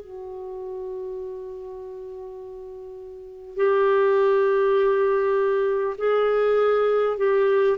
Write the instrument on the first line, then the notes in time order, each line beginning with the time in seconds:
clarinet
0.00 F#4
3.57 G4
5.98 G#4
7.17 G4